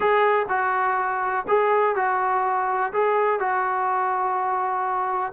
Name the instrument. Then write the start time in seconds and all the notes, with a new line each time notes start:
trombone
0.00 G#4
0.48 F#4
1.48 G#4
1.95 F#4
2.92 G#4
3.39 F#4